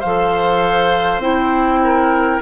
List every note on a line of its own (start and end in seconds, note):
0.00 1.19 F3
0.00 1.22 A4
0.00 1.80 C5
0.00 1.21 F5
1.19 2.39 C4
1.19 2.42 E4
1.19 2.42 G5
1.84 2.42 A#4